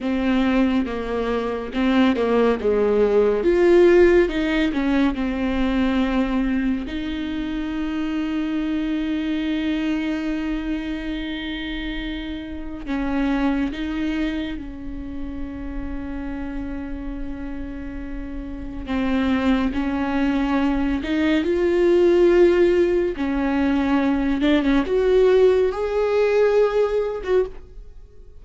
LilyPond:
\new Staff \with { instrumentName = "viola" } { \time 4/4 \tempo 4 = 70 c'4 ais4 c'8 ais8 gis4 | f'4 dis'8 cis'8 c'2 | dis'1~ | dis'2. cis'4 |
dis'4 cis'2.~ | cis'2 c'4 cis'4~ | cis'8 dis'8 f'2 cis'4~ | cis'8 d'16 cis'16 fis'4 gis'4.~ gis'16 fis'16 | }